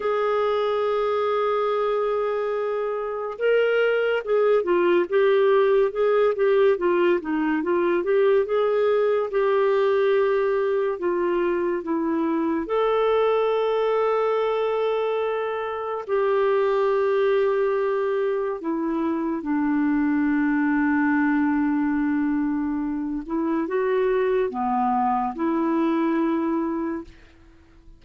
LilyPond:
\new Staff \with { instrumentName = "clarinet" } { \time 4/4 \tempo 4 = 71 gis'1 | ais'4 gis'8 f'8 g'4 gis'8 g'8 | f'8 dis'8 f'8 g'8 gis'4 g'4~ | g'4 f'4 e'4 a'4~ |
a'2. g'4~ | g'2 e'4 d'4~ | d'2.~ d'8 e'8 | fis'4 b4 e'2 | }